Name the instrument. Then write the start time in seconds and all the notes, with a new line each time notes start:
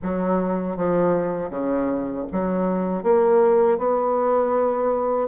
bassoon
0.02 F#3
0.76 F3
1.49 C#3
2.32 F#3
3.03 A#3
3.78 B3